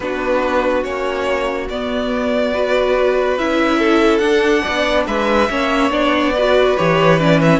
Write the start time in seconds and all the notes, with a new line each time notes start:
0.00 B3 D4 F#4 B4
0.83 A#3 C#4 C#5
1.69 B3 D5
2.53 F#4 B4
3.37 C#4 E4 E5
3.79 A4
4.18 D4 F#5
4.61 B3 D5
5.06 G#3 B4 E5
5.49 A#3 C#4 C#5
5.90 B3 D4 D5
6.32 F#4 B4
6.77 E3 G4 C#5
7.19 C#4 D5
7.41 E5